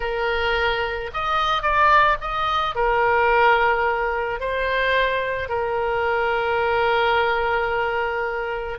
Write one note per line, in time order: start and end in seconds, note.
0.00 1.10 A#4
1.13 1.62 D#5
1.62 2.17 D5
2.20 2.75 D#5
2.75 4.39 A#4
4.39 5.48 C5
5.48 8.78 A#4